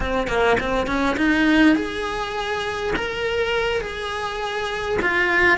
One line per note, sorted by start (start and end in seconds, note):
0.00 0.27 C4
0.27 0.57 A#3
0.60 0.86 C4
0.86 1.16 C#4
1.17 1.75 D#4
1.75 2.93 G#4
2.96 3.80 A#4
3.80 4.98 G#4
5.02 5.57 F4